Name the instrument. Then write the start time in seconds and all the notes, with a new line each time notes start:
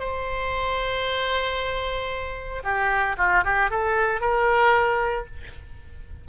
oboe
0.00 C5
2.64 G4
3.18 F4
3.45 G4
3.71 A4
4.21 A#4